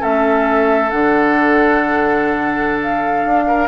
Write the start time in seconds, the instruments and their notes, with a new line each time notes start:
0.00 bassoon A3, clarinet C#4, oboe A4, flute E5
0.90 bassoon D3, clarinet D4, flute F#5
2.82 flute F5
3.26 bassoon D4
3.47 oboe A#4